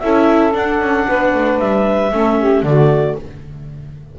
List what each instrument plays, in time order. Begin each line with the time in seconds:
0.00 double bass C#4, viola E4, saxophone A4, clarinet E5
0.53 viola D4, double bass D4, clarinet F#5
0.81 double bass C#4
1.08 double bass B3, saxophone B4
1.35 double bass A3
1.59 double bass G3, clarinet E5
2.13 double bass A3, viola C#4, saxophone A4
2.39 saxophone G4
2.63 double bass D3, viola A3, saxophone F#4, clarinet D5